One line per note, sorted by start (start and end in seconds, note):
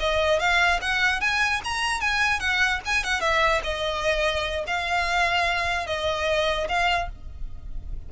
0.00 0.40 D#5
0.40 0.80 F5
0.81 1.21 F#5
1.21 1.61 G#5
1.64 2.01 A#5
2.01 2.40 G#5
2.40 2.80 F#5
2.85 3.04 G#5
3.04 3.21 F#5
3.21 3.62 E5
3.64 4.65 D#5
4.67 5.87 F5
5.87 6.68 D#5
6.69 7.09 F5